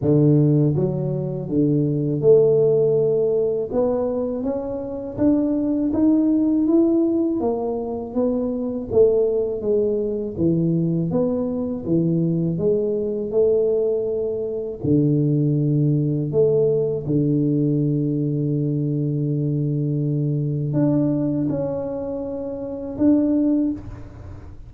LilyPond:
\new Staff \with { instrumentName = "tuba" } { \time 4/4 \tempo 4 = 81 d4 fis4 d4 a4~ | a4 b4 cis'4 d'4 | dis'4 e'4 ais4 b4 | a4 gis4 e4 b4 |
e4 gis4 a2 | d2 a4 d4~ | d1 | d'4 cis'2 d'4 | }